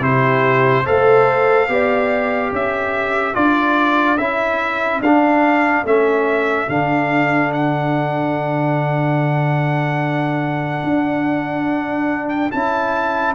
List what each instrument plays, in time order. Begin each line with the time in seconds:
0.00 tuba C3, trombone E4, horn G4, trumpet C5
0.85 tuba A3, trombone A4, horn C5, trumpet F5
1.69 tuba B3, trombone G4, horn D5
2.52 tuba C#4, horn A4, trumpet E5
3.34 tuba D4, trombone F4, trumpet D5
4.18 tuba C#4, trombone E4, trumpet E5
5.01 tuba D4, trombone D4, trumpet F5
5.85 tuba A3, trombone C#4, trumpet E5
6.69 tuba D3, trombone D4, trumpet F5
7.53 trumpet F#5
10.84 tuba D4
12.30 trumpet G5
12.52 tuba C#4, trombone E4, trumpet A5